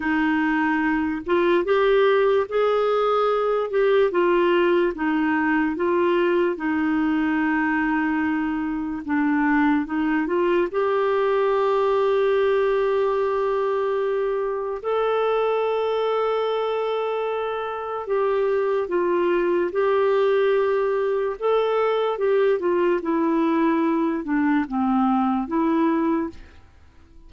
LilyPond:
\new Staff \with { instrumentName = "clarinet" } { \time 4/4 \tempo 4 = 73 dis'4. f'8 g'4 gis'4~ | gis'8 g'8 f'4 dis'4 f'4 | dis'2. d'4 | dis'8 f'8 g'2.~ |
g'2 a'2~ | a'2 g'4 f'4 | g'2 a'4 g'8 f'8 | e'4. d'8 c'4 e'4 | }